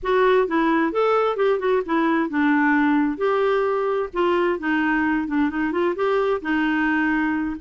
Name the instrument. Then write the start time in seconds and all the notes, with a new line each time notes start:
clarinet
0.02 F#4
0.47 E4
0.92 A4
1.36 G4
1.59 F#4
1.85 E4
2.29 D4
3.17 G4
4.13 F4
4.59 D#4
5.27 D4
5.50 D#4
5.71 F4
5.95 G4
6.41 D#4